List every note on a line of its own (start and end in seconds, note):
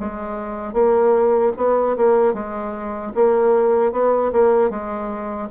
0.00 0.73 G#3
0.73 1.52 A#3
1.57 1.96 B3
1.97 2.33 A#3
2.33 3.12 G#3
3.14 3.92 A#3
3.92 4.31 B3
4.32 4.70 A#3
4.70 5.49 G#3